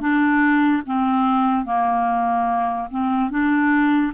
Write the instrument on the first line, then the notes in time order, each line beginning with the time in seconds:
clarinet
0.00 D4
0.86 C4
1.65 A#3
2.90 C4
3.30 D4